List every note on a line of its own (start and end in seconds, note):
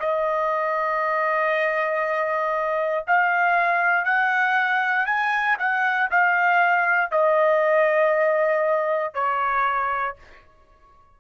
0.00 3.05 D#5
3.07 4.05 F5
4.05 5.06 F#5
5.06 5.57 G#5
5.59 6.10 F#5
6.11 7.12 F5
7.12 9.14 D#5
9.14 10.16 C#5